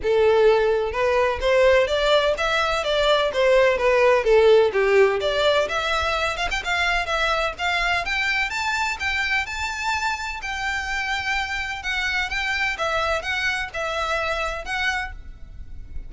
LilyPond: \new Staff \with { instrumentName = "violin" } { \time 4/4 \tempo 4 = 127 a'2 b'4 c''4 | d''4 e''4 d''4 c''4 | b'4 a'4 g'4 d''4 | e''4. f''16 g''16 f''4 e''4 |
f''4 g''4 a''4 g''4 | a''2 g''2~ | g''4 fis''4 g''4 e''4 | fis''4 e''2 fis''4 | }